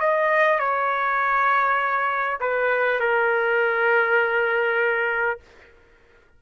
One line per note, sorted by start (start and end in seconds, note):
0.00 0.59 D#5
0.59 2.39 C#5
2.40 2.99 B4
2.99 5.39 A#4